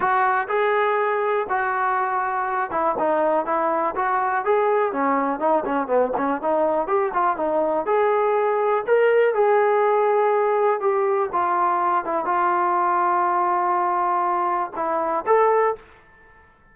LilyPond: \new Staff \with { instrumentName = "trombone" } { \time 4/4 \tempo 4 = 122 fis'4 gis'2 fis'4~ | fis'4. e'8 dis'4 e'4 | fis'4 gis'4 cis'4 dis'8 cis'8 | b8 cis'8 dis'4 g'8 f'8 dis'4 |
gis'2 ais'4 gis'4~ | gis'2 g'4 f'4~ | f'8 e'8 f'2.~ | f'2 e'4 a'4 | }